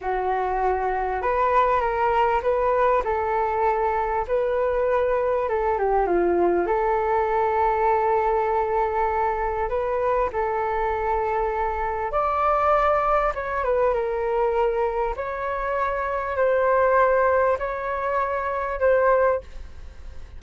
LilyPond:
\new Staff \with { instrumentName = "flute" } { \time 4/4 \tempo 4 = 99 fis'2 b'4 ais'4 | b'4 a'2 b'4~ | b'4 a'8 g'8 f'4 a'4~ | a'1 |
b'4 a'2. | d''2 cis''8 b'8 ais'4~ | ais'4 cis''2 c''4~ | c''4 cis''2 c''4 | }